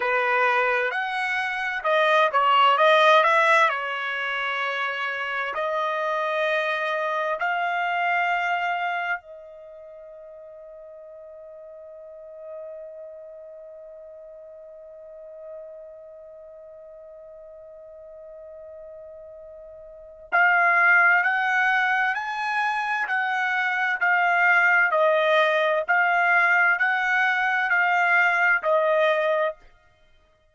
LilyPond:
\new Staff \with { instrumentName = "trumpet" } { \time 4/4 \tempo 4 = 65 b'4 fis''4 dis''8 cis''8 dis''8 e''8 | cis''2 dis''2 | f''2 dis''2~ | dis''1~ |
dis''1~ | dis''2 f''4 fis''4 | gis''4 fis''4 f''4 dis''4 | f''4 fis''4 f''4 dis''4 | }